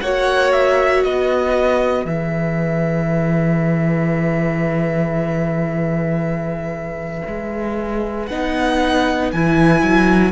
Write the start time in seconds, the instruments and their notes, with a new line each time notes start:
0.00 cello A#3, viola F#4, violin C#5 F#5
0.52 violin E5
1.03 cello B3, violin B4 D#5
2.05 cello E3, viola G#4, violin E5
7.27 cello G#3
8.27 cello B3, viola D#4, violin F#5
9.32 cello E3, viola E4, violin G#5
9.82 cello F#3